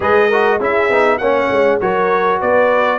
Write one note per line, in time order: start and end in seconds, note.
0.00 0.59 G#3
0.00 0.30 G#4
0.00 0.28 B4
0.00 0.61 D#5
0.28 0.60 F#4
0.28 0.58 A#4
0.58 0.89 C#4
0.58 0.90 E4
0.58 1.18 G#4
0.58 1.18 E5
0.89 1.19 B3
0.89 1.20 D#4
1.18 1.49 A#3
1.18 1.80 C#4
1.18 1.80 C#5
1.18 1.78 F#5
1.50 1.80 G#3
1.80 2.41 F#3
1.80 2.99 F#4
1.80 2.40 A#4
1.80 2.40 C#5
2.40 2.99 B3
2.40 2.99 B4
2.40 2.99 D5